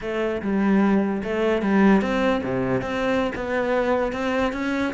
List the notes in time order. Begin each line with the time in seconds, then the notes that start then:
0.01 A3
0.42 G3
1.23 A3
1.62 G3
2.01 C4
2.43 C3
2.81 C4
3.35 B3
4.12 C4
4.53 C#4